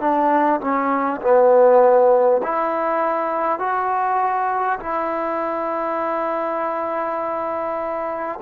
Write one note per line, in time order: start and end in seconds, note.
0.00 0.60 D4
0.60 1.20 C#4
1.21 2.41 B3
2.43 3.58 E4
3.58 4.78 F#4
4.79 8.39 E4